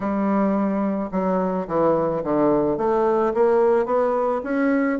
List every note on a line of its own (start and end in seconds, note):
0.00 1.10 G3
1.11 1.67 F#3
1.67 2.23 E3
2.23 2.77 D3
2.77 3.33 A3
3.34 3.85 A#3
3.85 4.41 B3
4.43 4.99 C#4